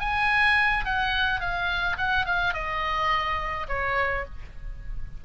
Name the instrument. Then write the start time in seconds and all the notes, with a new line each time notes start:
oboe
0.00 G#5
0.85 F#5
1.40 F5
1.98 F#5
2.26 F5
2.54 D#5
3.69 C#5